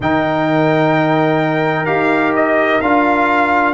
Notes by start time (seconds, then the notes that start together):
0.00 D#3 D#4 A#4 G5
1.85 D#4 G4 F5
2.35 D#5
2.81 D4 F4 F5